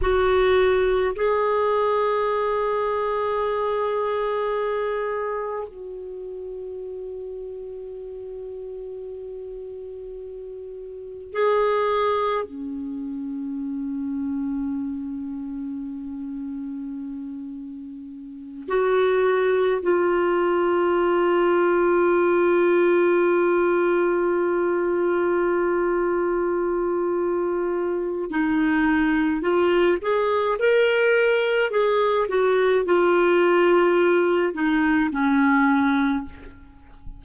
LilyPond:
\new Staff \with { instrumentName = "clarinet" } { \time 4/4 \tempo 4 = 53 fis'4 gis'2.~ | gis'4 fis'2.~ | fis'2 gis'4 cis'4~ | cis'1~ |
cis'8 fis'4 f'2~ f'8~ | f'1~ | f'4 dis'4 f'8 gis'8 ais'4 | gis'8 fis'8 f'4. dis'8 cis'4 | }